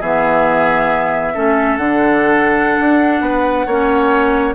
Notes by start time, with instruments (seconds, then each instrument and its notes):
0.00 bassoon E3, clarinet B3, oboe G#4, flute E5
1.34 bassoon A3, clarinet C#4, oboe A4
1.77 bassoon D3, clarinet D4, flute F#5
2.80 bassoon D4
3.21 bassoon B3, oboe B4
3.66 bassoon A#3, clarinet C#4, oboe C#5